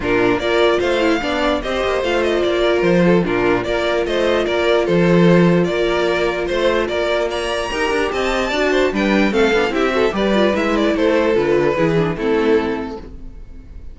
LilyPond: <<
  \new Staff \with { instrumentName = "violin" } { \time 4/4 \tempo 4 = 148 ais'4 d''4 f''2 | dis''4 f''8 dis''8 d''4 c''4 | ais'4 d''4 dis''4 d''4 | c''2 d''2 |
c''4 d''4 ais''2 | a''2 g''4 f''4 | e''4 d''4 e''8 d''8 c''4 | b'2 a'2 | }
  \new Staff \with { instrumentName = "violin" } { \time 4/4 f'4 ais'4 c''4 d''4 | c''2~ c''8 ais'4 a'8 | f'4 ais'4 c''4 ais'4 | a'2 ais'2 |
c''4 ais'4 d''4 ais'4 | dis''4 d''8 c''8 b'4 a'4 | g'8 a'8 b'2 a'4~ | a'4 gis'4 e'2 | }
  \new Staff \with { instrumentName = "viola" } { \time 4/4 d'4 f'4. e'8 d'4 | g'4 f'2. | d'4 f'2.~ | f'1~ |
f'2. g'4~ | g'4 fis'4 d'4 c'8 d'8 | e'8 fis'8 g'8 f'8 e'2 | f'4 e'8 d'8 c'2 | }
  \new Staff \with { instrumentName = "cello" } { \time 4/4 ais,4 ais4 a4 b4 | c'8 ais8 a4 ais4 f4 | ais,4 ais4 a4 ais4 | f2 ais2 |
a4 ais2 dis'8 d'8 | c'4 d'4 g4 a8 b8 | c'4 g4 gis4 a4 | d4 e4 a2 | }
>>